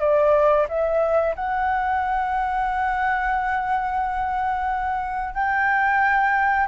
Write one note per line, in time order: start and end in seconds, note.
0.00 0.67 D5
0.69 1.35 E5
1.35 5.35 F#5
5.35 6.68 G5